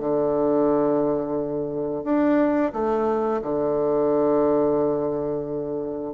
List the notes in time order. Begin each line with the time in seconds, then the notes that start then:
0.00 D3
2.04 D4
2.73 A3
3.42 D3